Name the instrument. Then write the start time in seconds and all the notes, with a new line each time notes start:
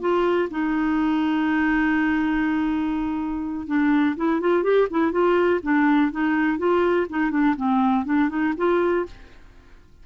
clarinet
0.00 F4
0.50 D#4
3.67 D4
4.16 E4
4.40 F4
4.63 G4
4.90 E4
5.12 F4
5.63 D4
6.12 D#4
6.58 F4
7.10 D#4
7.31 D4
7.56 C4
8.05 D4
8.29 D#4
8.57 F4